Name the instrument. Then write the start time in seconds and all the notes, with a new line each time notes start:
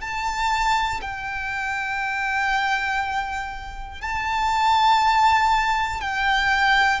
violin
0.00 A5
1.01 G5
4.01 A5
6.00 G5